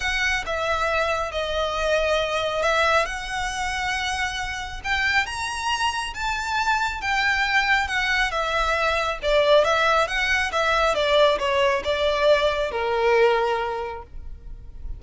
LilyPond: \new Staff \with { instrumentName = "violin" } { \time 4/4 \tempo 4 = 137 fis''4 e''2 dis''4~ | dis''2 e''4 fis''4~ | fis''2. g''4 | ais''2 a''2 |
g''2 fis''4 e''4~ | e''4 d''4 e''4 fis''4 | e''4 d''4 cis''4 d''4~ | d''4 ais'2. | }